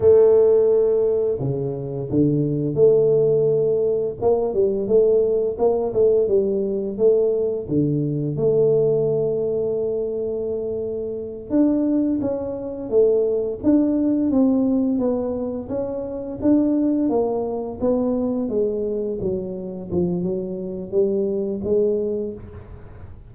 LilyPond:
\new Staff \with { instrumentName = "tuba" } { \time 4/4 \tempo 4 = 86 a2 cis4 d4 | a2 ais8 g8 a4 | ais8 a8 g4 a4 d4 | a1~ |
a8 d'4 cis'4 a4 d'8~ | d'8 c'4 b4 cis'4 d'8~ | d'8 ais4 b4 gis4 fis8~ | fis8 f8 fis4 g4 gis4 | }